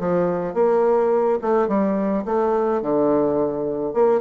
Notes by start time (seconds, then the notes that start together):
0.00 F3
0.55 A#3
1.42 A3
1.68 G3
2.26 A3
2.83 D3
3.94 A#3